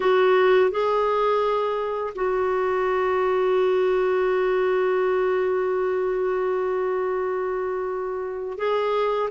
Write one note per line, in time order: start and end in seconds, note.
0.00 0.70 F#4
0.70 2.13 G#4
2.15 8.57 F#4
8.58 9.29 G#4